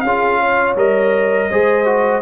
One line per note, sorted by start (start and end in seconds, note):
0.00 0.75 C#4
0.00 0.39 G#4
0.00 0.73 F5
0.06 0.76 F4
0.39 1.49 C#5
0.75 1.49 G3
0.75 1.50 A#4
0.75 2.21 D#5
1.49 2.21 G#3
1.49 1.85 G#4
1.49 2.21 C5
1.85 2.21 F#4